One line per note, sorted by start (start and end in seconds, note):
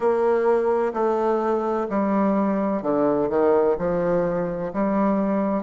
0.00 0.92 A#3
0.93 1.87 A3
1.89 2.82 G3
2.82 3.29 D3
3.29 3.76 D#3
3.78 4.72 F3
4.73 5.63 G3